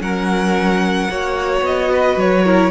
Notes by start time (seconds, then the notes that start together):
0.00 F#3 C#4 A#4 F#5
1.09 A#3 F#4 C#5
1.61 B3 D#5
1.91 B4
2.16 F#3 C#5
2.44 E4 A#4